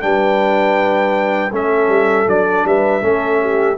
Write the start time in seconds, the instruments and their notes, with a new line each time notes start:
0.00 tuba G3, trombone D4, horn B4, trumpet G5
1.51 tuba A3, trombone C#4, horn A4, trumpet E5
1.88 tuba G3
2.26 tuba F#3, trombone D4, trumpet D5
2.64 tuba G3, horn B4, trumpet E5
3.01 tuba A3, trombone C#4, horn A4
3.41 horn G4